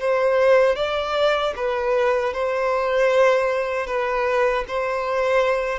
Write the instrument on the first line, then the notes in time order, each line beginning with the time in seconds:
violin
0.00 C5
0.76 D5
1.56 B4
2.33 C5
3.86 B4
4.68 C5